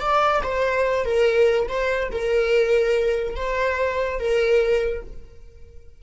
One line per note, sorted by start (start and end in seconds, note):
0.00 0.42 D5
0.43 1.05 C5
1.05 1.67 A#4
1.68 2.10 C5
2.11 3.36 A#4
3.36 4.19 C5
4.19 5.02 A#4